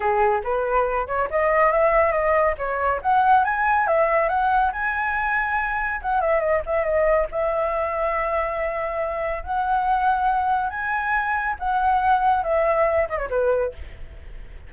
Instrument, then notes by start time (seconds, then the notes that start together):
flute
0.00 G#4
0.43 B4
1.06 C#5
1.30 D#5
1.71 E5
2.11 D#5
2.57 C#5
3.02 F#5
3.44 G#5
3.87 E5
4.29 F#5
4.72 G#5
6.01 F#5
6.20 E5
6.40 D#5
6.66 E5
6.84 D#5
7.31 E5
9.43 F#5
10.69 G#5
11.59 F#5
12.43 E5
13.09 D#5
13.18 C#5
13.30 B4